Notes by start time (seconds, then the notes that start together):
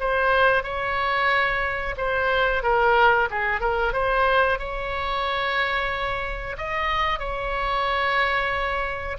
0.00 C5
0.64 C#5
1.97 C5
2.63 A#4
3.31 G#4
3.61 A#4
3.93 C5
4.59 C#5
6.58 D#5
7.20 C#5